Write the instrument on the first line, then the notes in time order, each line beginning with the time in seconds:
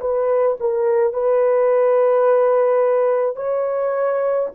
horn
0.00 B4
0.60 A#4
1.13 B4
3.36 C#5